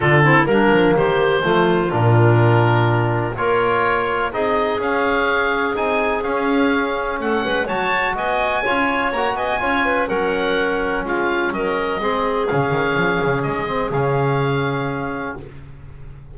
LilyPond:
<<
  \new Staff \with { instrumentName = "oboe" } { \time 4/4 \tempo 4 = 125 a'4 ais'4 c''2 | ais'2. cis''4~ | cis''4 dis''4 f''2 | gis''4 f''2 fis''4 |
a''4 gis''2 ais''8 gis''8~ | gis''4 fis''2 f''4 | dis''2 f''2 | dis''4 f''2. | }
  \new Staff \with { instrumentName = "clarinet" } { \time 4/4 f'8 e'8 d'4 g'4 f'4~ | f'2. ais'4~ | ais'4 gis'2.~ | gis'2. a'8 b'8 |
cis''4 dis''4 cis''4. dis''8 | cis''8 b'8 ais'2 f'4 | ais'4 gis'2.~ | gis'1 | }
  \new Staff \with { instrumentName = "trombone" } { \time 4/4 d'8 c'8 ais2 a4 | d'2. f'4~ | f'4 dis'4 cis'2 | dis'4 cis'2. |
fis'2 f'4 fis'4 | f'4 cis'2.~ | cis'4 c'4 cis'2~ | cis'8 c'8 cis'2. | }
  \new Staff \with { instrumentName = "double bass" } { \time 4/4 d4 g8 f8 dis4 f4 | ais,2. ais4~ | ais4 c'4 cis'2 | c'4 cis'2 a8 gis8 |
fis4 b4 cis'4 ais8 b8 | cis'4 fis2 gis4 | fis4 gis4 cis8 dis8 f8 cis8 | gis4 cis2. | }
>>